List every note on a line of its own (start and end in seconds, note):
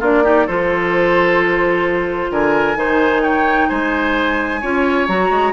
0.00 0.47 A#3
0.00 0.24 D4
0.00 0.23 F4
0.00 0.47 D5
0.23 0.47 D#4
0.23 0.47 G4
0.47 2.31 F3
0.47 2.76 F4
0.47 2.31 A4
0.47 2.32 C5
2.31 2.76 D3
2.31 2.78 A#4
2.31 3.23 G#5
2.76 3.68 D#3
2.76 4.61 D#4
2.76 3.22 C5
3.22 3.69 C#5
3.22 3.69 G5
3.69 4.63 G#3
3.69 4.61 C5
3.69 5.07 G#5
4.61 5.08 C#4
4.61 5.08 F4
4.61 5.53 C#5
5.07 5.30 F#3
5.07 5.53 F#4
5.07 5.53 A#5
5.30 5.53 G#3